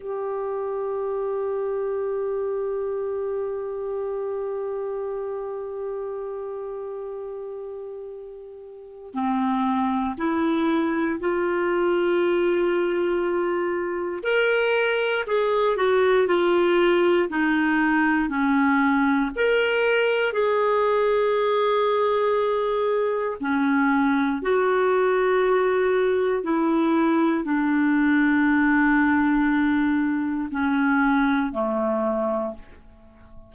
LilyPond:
\new Staff \with { instrumentName = "clarinet" } { \time 4/4 \tempo 4 = 59 g'1~ | g'1~ | g'4 c'4 e'4 f'4~ | f'2 ais'4 gis'8 fis'8 |
f'4 dis'4 cis'4 ais'4 | gis'2. cis'4 | fis'2 e'4 d'4~ | d'2 cis'4 a4 | }